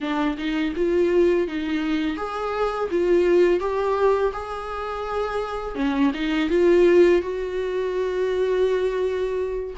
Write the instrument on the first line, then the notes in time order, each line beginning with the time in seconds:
viola
0.00 D4
0.37 D#4
0.76 F4
1.47 D#4
2.17 G#4
2.90 F4
3.59 G4
4.32 G#4
5.75 C#4
6.13 D#4
6.49 F4
7.21 F#4